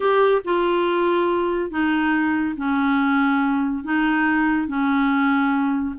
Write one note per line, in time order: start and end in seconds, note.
0.00 0.42 G4
0.44 1.70 F4
1.70 2.55 D#4
2.56 3.84 C#4
3.84 4.67 D#4
4.67 5.95 C#4